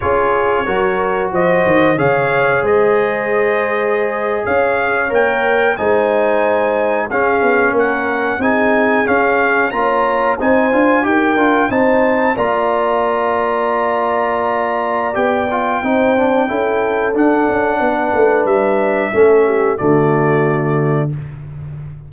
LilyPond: <<
  \new Staff \with { instrumentName = "trumpet" } { \time 4/4 \tempo 4 = 91 cis''2 dis''4 f''4 | dis''2~ dis''8. f''4 g''16~ | g''8. gis''2 f''4 fis''16~ | fis''8. gis''4 f''4 ais''4 gis''16~ |
gis''8. g''4 a''4 ais''4~ ais''16~ | ais''2. g''4~ | g''2 fis''2 | e''2 d''2 | }
  \new Staff \with { instrumentName = "horn" } { \time 4/4 gis'4 ais'4 c''4 cis''4 | c''2~ c''8. cis''4~ cis''16~ | cis''8. c''2 gis'4 ais'16~ | ais'8. gis'2 cis''4 c''16~ |
c''8. ais'4 c''4 d''4~ d''16~ | d''1 | c''4 a'2 b'4~ | b'4 a'8 g'8 fis'2 | }
  \new Staff \with { instrumentName = "trombone" } { \time 4/4 f'4 fis'2 gis'4~ | gis'2.~ gis'8. ais'16~ | ais'8. dis'2 cis'4~ cis'16~ | cis'8. dis'4 cis'4 f'4 dis'16~ |
dis'16 f'8 g'8 f'8 dis'4 f'4~ f'16~ | f'2. g'8 f'8 | dis'8 d'8 e'4 d'2~ | d'4 cis'4 a2 | }
  \new Staff \with { instrumentName = "tuba" } { \time 4/4 cis'4 fis4 f8 dis8 cis4 | gis2~ gis8. cis'4 ais16~ | ais8. gis2 cis'8 b8 ais16~ | ais8. c'4 cis'4 ais4 c'16~ |
c'16 d'8 dis'8 d'8 c'4 ais4~ ais16~ | ais2. b4 | c'4 cis'4 d'8 cis'8 b8 a8 | g4 a4 d2 | }
>>